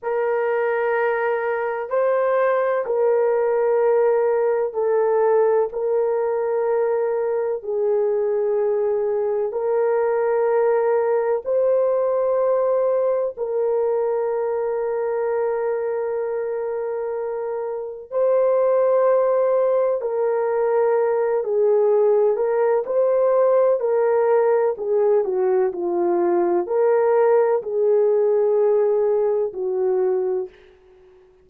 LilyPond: \new Staff \with { instrumentName = "horn" } { \time 4/4 \tempo 4 = 63 ais'2 c''4 ais'4~ | ais'4 a'4 ais'2 | gis'2 ais'2 | c''2 ais'2~ |
ais'2. c''4~ | c''4 ais'4. gis'4 ais'8 | c''4 ais'4 gis'8 fis'8 f'4 | ais'4 gis'2 fis'4 | }